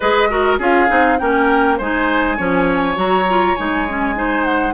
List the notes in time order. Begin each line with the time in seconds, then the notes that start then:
0.00 G#3 G#4 B4 D#5
0.29 F#4 A#4
0.58 C#4 F4 G#4 F5
0.88 C4 D#4
1.18 A#3 C#4 A#4 G5
1.77 G#3 D#4 C5 G#5
2.37 F3 C#4 C#5
2.95 F#3 F#4 A#5
3.28 F4
3.55 G#3 D#4 G#5
3.88 C#4
4.15 D#4 C5
4.44 F#5